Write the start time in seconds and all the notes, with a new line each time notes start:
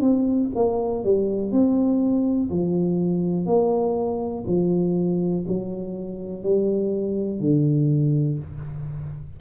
0.00 C4
0.55 A#3
1.04 G3
1.51 C4
2.50 F3
3.46 A#3
4.46 F3
5.47 F#3
6.42 G3
7.40 D3